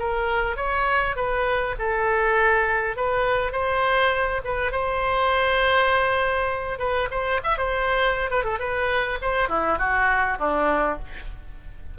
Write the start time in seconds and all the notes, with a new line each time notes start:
0.00 A#4
0.57 C#5
1.16 B4
1.80 A4
2.97 B4
3.52 C5
4.45 B4
4.72 C5
6.79 B4
7.11 C5
7.44 E5
7.58 C5
8.31 B4
8.44 A4
8.60 B4
9.22 C5
9.49 E4
9.79 F#4
10.39 D4